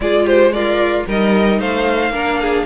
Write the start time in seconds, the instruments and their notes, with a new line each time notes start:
0.00 cello G#3, viola F4, violin G#4 D5
0.24 violin G4 C5
0.52 violin F4 D5, viola A#4
1.07 cello G3, viola D#4, violin A#4 D#5
1.59 cello A3, violin C5 F5
2.10 cello A#3, viola D4, violin A#4
2.41 violin G#4